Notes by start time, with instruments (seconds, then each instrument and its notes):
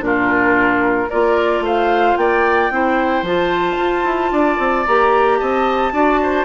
0.00 bassoon A#2, clarinet D4, oboe F4, flute A#4
1.09 bassoon A#3, clarinet F4, oboe A#4, flute D5
1.60 bassoon A3, oboe C5, flute F5
2.17 bassoon A#3, oboe D5, flute G5
2.70 bassoon C4, clarinet E4, oboe C5
3.22 bassoon F3, clarinet F4, flute A5
3.77 bassoon F4
4.04 bassoon E4
4.31 bassoon D4, oboe D5
4.59 bassoon C4
4.86 bassoon A#3, clarinet G4, flute A#5
5.39 bassoon C4, oboe D#5, flute A5
5.92 bassoon D4, clarinet F#4, oboe D5
6.23 oboe C5